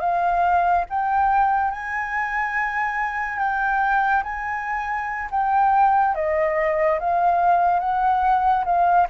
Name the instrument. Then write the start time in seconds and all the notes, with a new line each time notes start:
flute
0.00 F5
0.89 G5
1.71 G#5
3.38 G5
4.23 G#5
5.30 G5
6.15 D#5
6.99 F5
7.79 F#5
8.65 F5